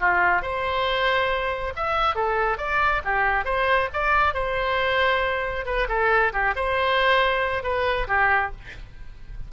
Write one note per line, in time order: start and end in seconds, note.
0.00 0.42 F4
0.42 1.73 C5
1.76 2.15 E5
2.15 2.58 A4
2.58 3.02 D5
3.05 3.45 G4
3.45 3.89 C5
3.93 4.34 D5
4.34 5.66 C5
5.66 5.88 B4
5.88 6.32 A4
6.33 6.55 G4
6.56 7.63 C5
7.63 8.07 B4
8.07 8.51 G4